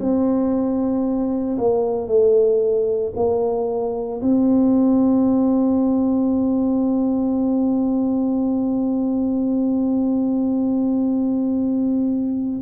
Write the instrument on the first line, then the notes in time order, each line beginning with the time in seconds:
tuba
0.00 C4
1.58 A#3
2.08 A3
3.16 A#3
4.22 C4